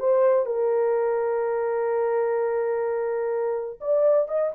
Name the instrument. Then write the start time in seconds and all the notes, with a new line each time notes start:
horn
0.00 C5
0.46 A#4
3.81 D5
4.28 D#5